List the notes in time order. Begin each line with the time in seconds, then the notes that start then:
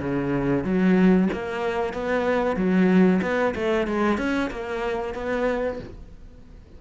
0.00 C#3
0.64 F#3
1.33 A#3
1.94 B3
2.56 F#3
3.22 B3
3.55 A3
3.87 G#3
4.18 C#4
4.51 A#3
5.14 B3